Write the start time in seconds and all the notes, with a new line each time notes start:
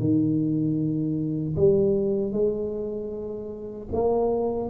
0.00 D#3
1.57 G3
2.33 G#3
3.92 A#3